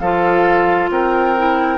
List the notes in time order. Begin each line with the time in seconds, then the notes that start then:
0.00 F3 F4 A4 F5
0.90 C4 A#4 G5
1.37 E4